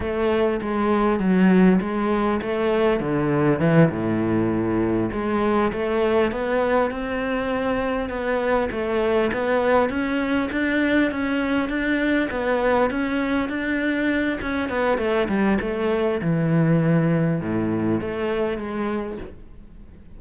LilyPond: \new Staff \with { instrumentName = "cello" } { \time 4/4 \tempo 4 = 100 a4 gis4 fis4 gis4 | a4 d4 e8 a,4.~ | a,8 gis4 a4 b4 c'8~ | c'4. b4 a4 b8~ |
b8 cis'4 d'4 cis'4 d'8~ | d'8 b4 cis'4 d'4. | cis'8 b8 a8 g8 a4 e4~ | e4 a,4 a4 gis4 | }